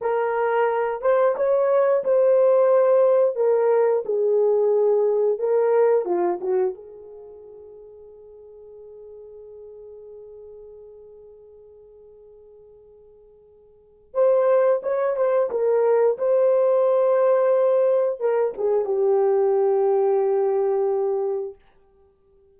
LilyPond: \new Staff \with { instrumentName = "horn" } { \time 4/4 \tempo 4 = 89 ais'4. c''8 cis''4 c''4~ | c''4 ais'4 gis'2 | ais'4 f'8 fis'8 gis'2~ | gis'1~ |
gis'1~ | gis'4 c''4 cis''8 c''8 ais'4 | c''2. ais'8 gis'8 | g'1 | }